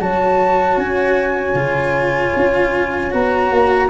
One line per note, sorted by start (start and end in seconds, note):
0.00 0.77 F#3
0.00 1.56 F#4
0.00 3.89 C#5
0.00 0.78 A5
0.77 1.54 C#4
0.77 3.12 G#5
1.54 2.32 C#3
1.54 3.11 F4
2.36 3.13 C#4
3.11 3.51 B3
3.11 3.88 F#4
3.11 3.89 A#5
3.51 3.89 A#3